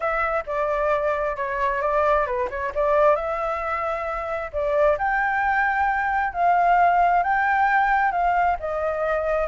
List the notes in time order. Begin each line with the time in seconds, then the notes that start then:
0.00 E5
0.46 D5
1.36 C#5
1.81 D5
2.26 B4
2.50 C#5
2.74 D5
3.15 E5
4.52 D5
4.98 G5
6.33 F5
7.23 G5
8.11 F5
8.59 D#5